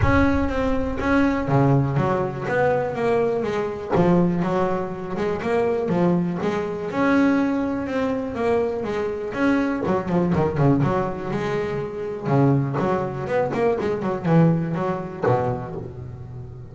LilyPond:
\new Staff \with { instrumentName = "double bass" } { \time 4/4 \tempo 4 = 122 cis'4 c'4 cis'4 cis4 | fis4 b4 ais4 gis4 | f4 fis4. gis8 ais4 | f4 gis4 cis'2 |
c'4 ais4 gis4 cis'4 | fis8 f8 dis8 cis8 fis4 gis4~ | gis4 cis4 fis4 b8 ais8 | gis8 fis8 e4 fis4 b,4 | }